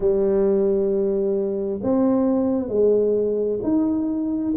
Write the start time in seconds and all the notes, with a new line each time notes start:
0.00 G3
1.82 C4
2.68 G#3
3.62 D#4